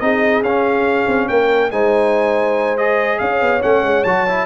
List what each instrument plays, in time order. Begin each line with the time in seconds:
0.00 tuba C4, trombone D#4, horn G#4, trumpet D#5
0.42 tuba C#4, trombone C#4, trumpet F5
1.07 tuba C4
1.28 tuba A#3, horn A#4, trumpet G5
1.71 tuba G#3, trombone D#4, horn C5, trumpet G#5
2.77 trombone G#4, trumpet D#5
3.19 tuba C#4, horn C#5, trumpet F5
3.41 tuba B3
3.61 tuba A3, trombone C#4, trumpet F#5
3.83 tuba G#3
4.04 tuba F#3, trombone F#4, trumpet A5
4.28 trombone E4